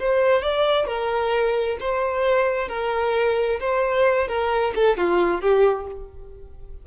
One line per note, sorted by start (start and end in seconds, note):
0.00 0.43 C5
0.43 0.87 D5
0.87 1.78 A#4
1.80 2.69 C5
2.69 3.60 A#4
3.60 4.28 C5
4.28 4.74 A#4
4.76 4.98 A4
4.98 5.41 F4
5.41 5.87 G4